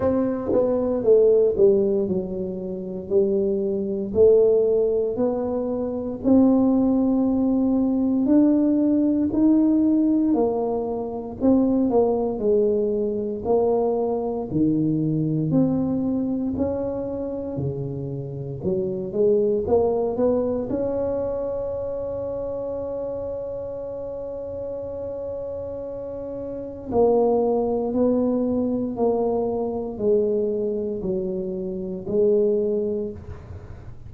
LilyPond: \new Staff \with { instrumentName = "tuba" } { \time 4/4 \tempo 4 = 58 c'8 b8 a8 g8 fis4 g4 | a4 b4 c'2 | d'4 dis'4 ais4 c'8 ais8 | gis4 ais4 dis4 c'4 |
cis'4 cis4 fis8 gis8 ais8 b8 | cis'1~ | cis'2 ais4 b4 | ais4 gis4 fis4 gis4 | }